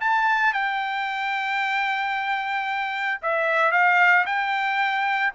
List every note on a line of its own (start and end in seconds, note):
0.00 0.53 A5
0.53 3.21 G5
3.22 3.72 E5
3.72 4.25 F5
4.26 5.33 G5